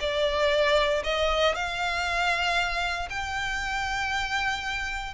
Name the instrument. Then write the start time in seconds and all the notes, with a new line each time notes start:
violin
0.00 D5
1.03 D#5
1.55 F5
3.09 G5